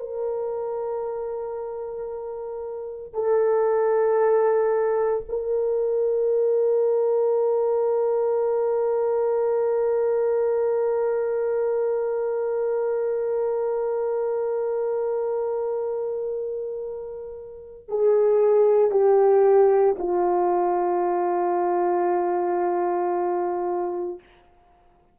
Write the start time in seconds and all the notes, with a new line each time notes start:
0.00 A#4
3.14 A4
5.29 A#4
17.89 G#4
18.91 G4
19.99 F4